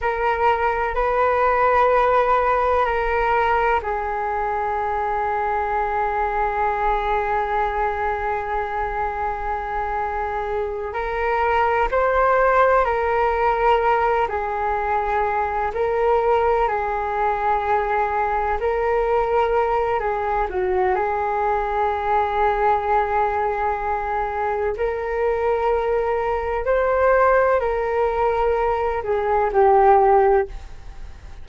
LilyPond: \new Staff \with { instrumentName = "flute" } { \time 4/4 \tempo 4 = 63 ais'4 b'2 ais'4 | gis'1~ | gis'2.~ gis'8 ais'8~ | ais'8 c''4 ais'4. gis'4~ |
gis'8 ais'4 gis'2 ais'8~ | ais'4 gis'8 fis'8 gis'2~ | gis'2 ais'2 | c''4 ais'4. gis'8 g'4 | }